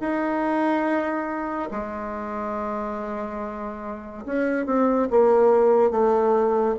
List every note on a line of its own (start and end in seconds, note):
0.00 1.69 D#4
1.71 4.25 G#3
4.25 4.66 C#4
4.66 5.08 C4
5.10 5.91 A#3
5.91 6.75 A3